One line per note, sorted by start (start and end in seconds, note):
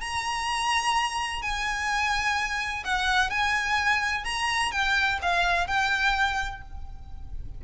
0.00 1.42 A#5
1.42 2.83 G#5
2.84 3.29 F#5
3.29 4.24 G#5
4.24 4.71 A#5
4.71 5.18 G5
5.21 5.67 F5
5.67 6.61 G5